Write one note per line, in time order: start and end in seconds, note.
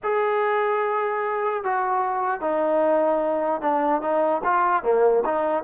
0.03 1.63 G#4
1.63 2.41 F#4
2.41 3.61 D#4
3.61 4.01 D4
4.01 4.41 D#4
4.43 4.83 F4
4.83 5.23 A#3
5.25 5.63 D#4